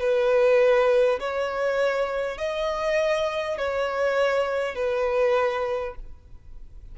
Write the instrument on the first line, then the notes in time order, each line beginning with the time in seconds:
violin
0.00 B4
1.21 C#5
2.38 D#5
3.58 C#5
4.76 B4